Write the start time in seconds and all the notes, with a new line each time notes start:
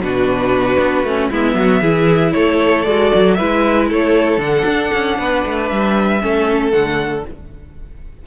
0.00 B2 D4 F#4 B4
0.79 B3
1.04 A3 C#4
1.30 G#3 B3 E4 E5
1.55 F#3 F#4
1.81 E3 E4 G#4
2.33 A3 A4 C#5
2.85 G#3 F#4 D5
3.15 F#3
3.34 E4 B4 E5
3.41 G#3
3.89 A3 A4 C#5
4.38 D3 D4 F#5
4.65 D4
4.94 C#4
5.19 B3 B4
5.46 A3
5.69 G3 E5
6.21 A3 C#4 A4
6.72 D3 A3 F#5